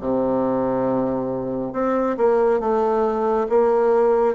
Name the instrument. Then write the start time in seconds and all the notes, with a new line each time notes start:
bassoon
0.00 C3
1.72 C4
2.17 A#3
2.60 A3
3.49 A#3